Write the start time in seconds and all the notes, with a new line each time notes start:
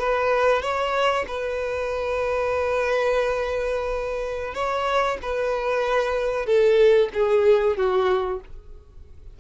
0.00 B4
0.62 C#5
1.28 B4
4.54 C#5
5.22 B4
6.47 A4
7.14 G#4
7.77 F#4